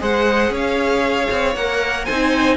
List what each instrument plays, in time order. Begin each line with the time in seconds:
0.00 cello G#3, viola G#4, violin C5 F#5
0.50 cello C#4, violin C#5
0.57 violin F5
1.31 cello C4
1.55 cello A#3, viola A#4, violin F#5
2.05 cello C4, viola D#4, violin C5 G#5